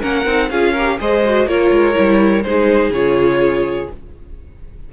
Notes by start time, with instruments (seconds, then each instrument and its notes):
0.00 cello A#3, viola C#4, violin A#4 F#5
0.26 cello C4, viola D#4
0.50 cello C#4, viola F4, violin G#4 F5
0.72 viola G4, violin A#4
0.99 cello G#3, viola G#4, violin C5 D#5
1.25 viola F#4
1.46 cello A#3, viola F4, violin A#4 C#5
1.71 cello G#3
1.94 cello G3, viola E4
2.43 cello G#3, viola D#4, violin G#4 C5
2.90 cello C#3, viola F4, violin C#5